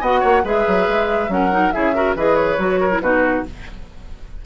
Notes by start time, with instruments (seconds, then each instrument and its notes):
0.00 bassoon B3, clarinet F#4, oboe D#5, flute F#5
0.20 bassoon A#3, oboe C#5
0.43 bassoon G#3, clarinet G#4, oboe B4, flute E5
0.67 bassoon F#3
0.87 bassoon G#3
1.28 bassoon F#3, clarinet C#4, oboe A#4, flute F#5
1.51 clarinet D#4
1.71 bassoon C#3, clarinet E4, oboe G#4, flute E5
1.94 clarinet F#4, oboe A#4
2.15 bassoon E3, clarinet G#4, oboe B4, flute D#5
2.35 flute C#5
2.57 bassoon F#3, clarinet F#4
2.80 oboe A#4
2.91 clarinet E4
3.00 bassoon B2, clarinet D#4, oboe F#4, flute B4